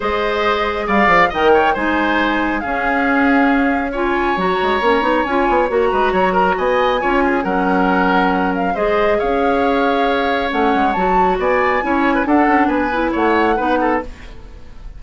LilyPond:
<<
  \new Staff \with { instrumentName = "flute" } { \time 4/4 \tempo 4 = 137 dis''2 f''4 g''4 | gis''2 f''2~ | f''4 gis''4 ais''2 | gis''4 ais''2 gis''4~ |
gis''4 fis''2~ fis''8 f''8 | dis''4 f''2. | fis''4 a''4 gis''2 | fis''4 gis''4 fis''2 | }
  \new Staff \with { instrumentName = "oboe" } { \time 4/4 c''2 d''4 dis''8 cis''8 | c''2 gis'2~ | gis'4 cis''2.~ | cis''4. b'8 cis''8 ais'8 dis''4 |
cis''8 gis'8 ais'2. | c''4 cis''2.~ | cis''2 d''4 cis''8. b'16 | a'4 b'4 cis''4 b'8 a'8 | }
  \new Staff \with { instrumentName = "clarinet" } { \time 4/4 gis'2. ais'4 | dis'2 cis'2~ | cis'4 f'4 fis'4 cis'8 dis'8 | f'4 fis'2. |
f'4 cis'2. | gis'1 | cis'4 fis'2 e'4 | d'4. e'4. dis'4 | }
  \new Staff \with { instrumentName = "bassoon" } { \time 4/4 gis2 g8 f8 dis4 | gis2 cis'2~ | cis'2 fis8 gis8 ais8 b8 | cis'8 b8 ais8 gis8 fis4 b4 |
cis'4 fis2. | gis4 cis'2. | a8 gis8 fis4 b4 cis'4 | d'8 cis'8 b4 a4 b4 | }
>>